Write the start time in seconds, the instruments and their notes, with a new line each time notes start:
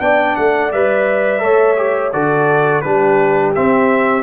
0.00 tuba B3, trombone D4, horn D5, trumpet G5
0.36 tuba A3, trumpet F#5
0.72 tuba G3, trombone B4, trumpet E5
1.39 tuba A3, trombone A4, horn C#5
1.77 trombone G4
2.12 tuba D3, trombone F#4, horn A4, trumpet D5
2.81 tuba G3, trombone D4, horn G4, trumpet B4
3.55 trombone C4, tuba C4, trumpet E5